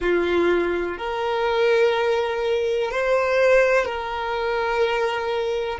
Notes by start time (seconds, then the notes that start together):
0.00 F4
0.97 A#4
2.91 C5
3.85 A#4